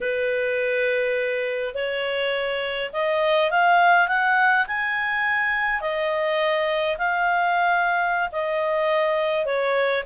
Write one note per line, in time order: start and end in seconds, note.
0.00 1.74 B4
1.74 2.90 C#5
2.92 3.50 D#5
3.50 4.08 F5
4.08 4.66 F#5
4.67 5.80 G#5
5.80 6.97 D#5
6.97 8.29 F5
8.32 9.45 D#5
9.45 10.03 C#5